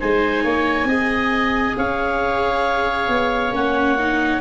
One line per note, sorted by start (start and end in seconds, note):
0.00 0.44 G#3
0.00 0.88 D#4
0.00 0.44 C5
0.00 1.77 G#5
0.44 0.85 A#3
0.44 0.88 C#5
0.85 1.73 C4
0.85 3.53 G#4
0.85 1.76 D#5
1.77 3.09 C#4
1.77 4.41 C#5
1.77 3.54 F5
3.09 3.52 B3
3.52 4.40 A#3
3.52 3.97 C#4
3.52 4.41 F#5
3.99 4.41 D#4